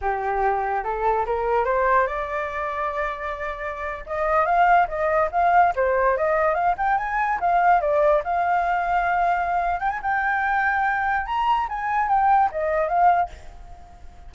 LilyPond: \new Staff \with { instrumentName = "flute" } { \time 4/4 \tempo 4 = 144 g'2 a'4 ais'4 | c''4 d''2.~ | d''4.~ d''16 dis''4 f''4 dis''16~ | dis''8. f''4 c''4 dis''4 f''16~ |
f''16 g''8 gis''4 f''4 d''4 f''16~ | f''2.~ f''8 g''16 gis''16 | g''2. ais''4 | gis''4 g''4 dis''4 f''4 | }